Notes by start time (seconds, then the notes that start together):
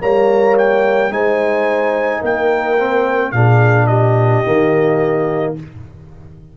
0.00 G3 A#3 C#5 A#5
0.58 G5
1.11 G#3 D#4 C5 G#5
2.20 A#3 A#4 G5
2.78 C4
3.32 A#2 D4 G#4 F5
3.87 G4 D#5
4.45 D#3 A#3